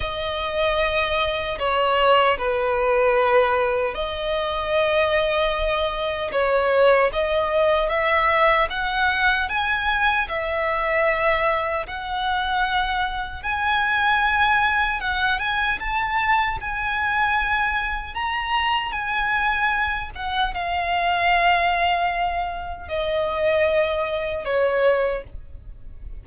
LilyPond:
\new Staff \with { instrumentName = "violin" } { \time 4/4 \tempo 4 = 76 dis''2 cis''4 b'4~ | b'4 dis''2. | cis''4 dis''4 e''4 fis''4 | gis''4 e''2 fis''4~ |
fis''4 gis''2 fis''8 gis''8 | a''4 gis''2 ais''4 | gis''4. fis''8 f''2~ | f''4 dis''2 cis''4 | }